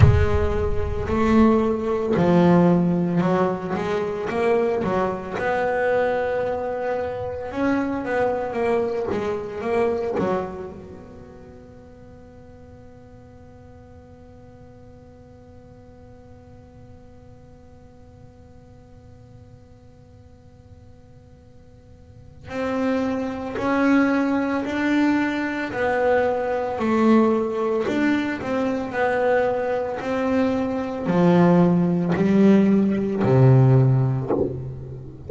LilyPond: \new Staff \with { instrumentName = "double bass" } { \time 4/4 \tempo 4 = 56 gis4 a4 f4 fis8 gis8 | ais8 fis8 b2 cis'8 b8 | ais8 gis8 ais8 fis8 b2~ | b1~ |
b1~ | b4 c'4 cis'4 d'4 | b4 a4 d'8 c'8 b4 | c'4 f4 g4 c4 | }